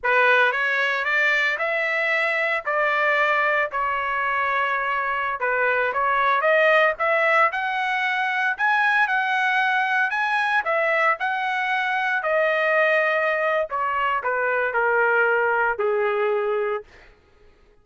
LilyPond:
\new Staff \with { instrumentName = "trumpet" } { \time 4/4 \tempo 4 = 114 b'4 cis''4 d''4 e''4~ | e''4 d''2 cis''4~ | cis''2~ cis''16 b'4 cis''8.~ | cis''16 dis''4 e''4 fis''4.~ fis''16~ |
fis''16 gis''4 fis''2 gis''8.~ | gis''16 e''4 fis''2 dis''8.~ | dis''2 cis''4 b'4 | ais'2 gis'2 | }